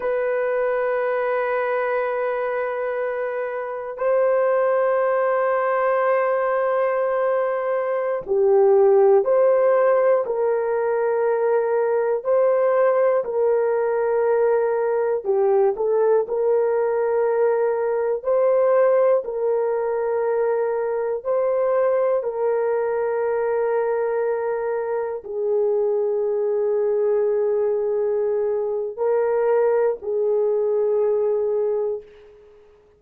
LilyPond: \new Staff \with { instrumentName = "horn" } { \time 4/4 \tempo 4 = 60 b'1 | c''1~ | c''16 g'4 c''4 ais'4.~ ais'16~ | ais'16 c''4 ais'2 g'8 a'16~ |
a'16 ais'2 c''4 ais'8.~ | ais'4~ ais'16 c''4 ais'4.~ ais'16~ | ais'4~ ais'16 gis'2~ gis'8.~ | gis'4 ais'4 gis'2 | }